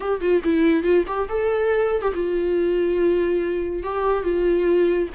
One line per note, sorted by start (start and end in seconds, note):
0.00 0.20 G4
0.20 0.42 F4
0.44 0.83 E4
0.83 1.04 F4
1.07 1.28 G4
1.29 2.02 A4
2.02 2.12 G4
2.14 3.83 F4
3.83 4.23 G4
4.23 5.08 F4